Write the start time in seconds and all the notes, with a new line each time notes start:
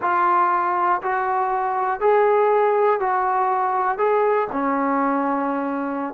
0.01 F4
1.02 F#4
2.00 G#4
3.00 F#4
3.97 G#4
4.52 C#4